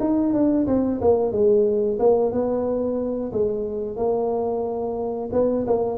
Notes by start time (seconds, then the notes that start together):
0.00 D#4
0.33 D4
0.67 C4
1.01 A#3
1.32 G#3
1.99 A#3
2.32 B3
3.32 G#3
3.96 A#3
5.32 B3
5.67 A#3